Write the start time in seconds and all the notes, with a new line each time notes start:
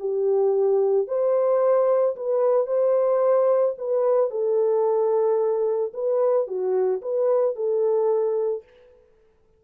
0.00 G4
1.08 C5
2.16 B4
2.67 C5
3.79 B4
4.31 A4
5.94 B4
6.48 F#4
7.02 B4
7.56 A4